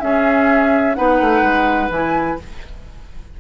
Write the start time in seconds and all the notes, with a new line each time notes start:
0.00 C#4 G#4 E5
0.95 B3 D#4 B4 F#5
1.21 A3
1.42 G#3
1.89 E3 E4 G#5